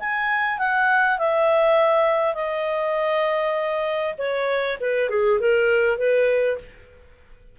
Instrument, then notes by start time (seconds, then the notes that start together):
clarinet
0.00 G#5
0.59 F#5
1.19 E5
2.35 D#5
4.18 C#5
4.81 B4
5.10 G#4
5.40 A#4
5.98 B4